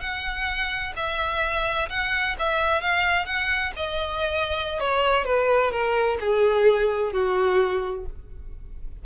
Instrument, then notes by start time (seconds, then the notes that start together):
violin
0.00 F#5
0.96 E5
1.89 F#5
2.39 E5
2.81 F5
3.26 F#5
3.76 D#5
4.80 C#5
5.25 B4
5.71 A#4
6.20 G#4
7.12 F#4